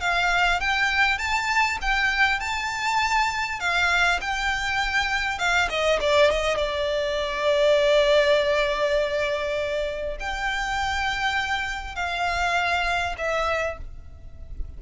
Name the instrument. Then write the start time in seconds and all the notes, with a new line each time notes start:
violin
0.00 F5
0.60 G5
1.18 A5
1.81 G5
2.40 A5
3.60 F5
4.21 G5
5.39 F5
5.69 D#5
6.01 D5
6.31 D#5
6.57 D5
10.20 G5
11.96 F5
13.18 E5